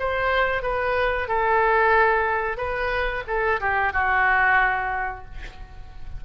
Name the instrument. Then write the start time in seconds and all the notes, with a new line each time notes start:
oboe
0.00 C5
0.63 B4
1.29 A4
2.58 B4
3.28 A4
3.61 G4
3.94 F#4